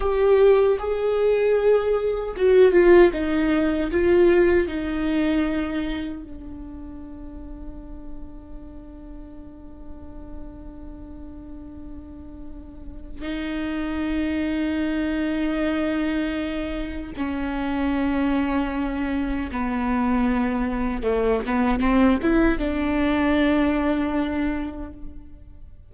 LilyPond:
\new Staff \with { instrumentName = "viola" } { \time 4/4 \tempo 4 = 77 g'4 gis'2 fis'8 f'8 | dis'4 f'4 dis'2 | d'1~ | d'1~ |
d'4 dis'2.~ | dis'2 cis'2~ | cis'4 b2 a8 b8 | c'8 e'8 d'2. | }